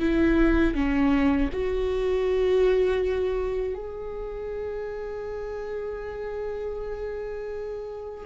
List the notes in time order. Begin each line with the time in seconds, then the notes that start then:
0.00 E4
0.74 C#4
1.52 F#4
3.74 G#4